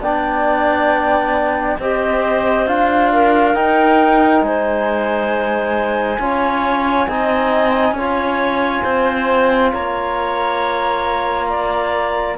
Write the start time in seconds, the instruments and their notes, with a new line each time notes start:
0.00 cello B3, trombone D4, clarinet D5, flute G5
1.79 cello C4, trombone G4, clarinet C5, flute D#5
2.67 cello D4, trombone F4, flute F5
3.13 clarinet A#4
3.54 trombone D#4, cello D#4, flute G5
4.42 cello G#3, clarinet C5, flute G#5
6.20 cello C#4, trombone F4, clarinet C#5
7.08 cello C4, trombone D#4, clarinet D#5
7.92 cello C#4, clarinet C#5
7.98 trombone F4
8.83 cello C4, clarinet C5
9.73 cello A#3, clarinet C#5, flute A#5
11.50 clarinet D5